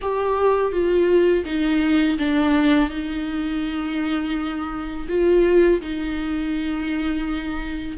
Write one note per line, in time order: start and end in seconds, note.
0.01 0.72 G4
0.72 1.44 F4
1.45 2.17 D#4
2.18 2.90 D4
2.90 5.07 D#4
5.08 5.80 F4
5.81 7.97 D#4